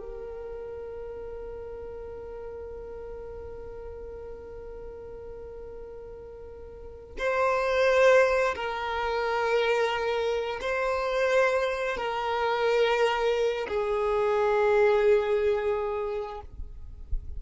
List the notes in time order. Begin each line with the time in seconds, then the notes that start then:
0.00 A#4
7.19 C5
8.56 A#4
10.61 C5
11.97 A#4
13.69 G#4